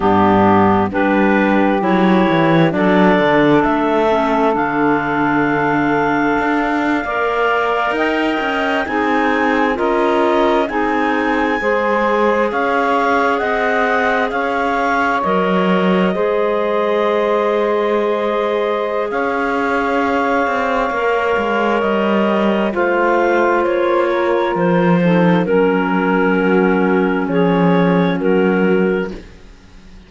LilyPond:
<<
  \new Staff \with { instrumentName = "clarinet" } { \time 4/4 \tempo 4 = 66 g'4 b'4 cis''4 d''4 | e''4 f''2.~ | f''8. g''4 gis''4 dis''4 gis''16~ | gis''4.~ gis''16 f''4 fis''4 f''16~ |
f''8. dis''2.~ dis''16~ | dis''4 f''2. | dis''4 f''4 cis''4 c''4 | ais'2 cis''4 ais'4 | }
  \new Staff \with { instrumentName = "saxophone" } { \time 4/4 d'4 g'2 a'4~ | a'2.~ a'8. d''16~ | d''8. dis''4 gis'4 ais'4 gis'16~ | gis'8. c''4 cis''4 dis''4 cis''16~ |
cis''4.~ cis''16 c''2~ c''16~ | c''4 cis''2.~ | cis''4 c''4. ais'4 a'8 | ais'4 fis'4 gis'4 fis'4 | }
  \new Staff \with { instrumentName = "clarinet" } { \time 4/4 b4 d'4 e'4 d'4~ | d'8 cis'8 d'2~ d'8. ais'16~ | ais'4.~ ais'16 dis'4 f'4 dis'16~ | dis'8. gis'2.~ gis'16~ |
gis'8. ais'4 gis'2~ gis'16~ | gis'2. ais'4~ | ais'4 f'2~ f'8 dis'8 | cis'1 | }
  \new Staff \with { instrumentName = "cello" } { \time 4/4 g,4 g4 fis8 e8 fis8 d8 | a4 d2 d'8. ais16~ | ais8. dis'8 cis'8 c'4 cis'4 c'16~ | c'8. gis4 cis'4 c'4 cis'16~ |
cis'8. fis4 gis2~ gis16~ | gis4 cis'4. c'8 ais8 gis8 | g4 a4 ais4 f4 | fis2 f4 fis4 | }
>>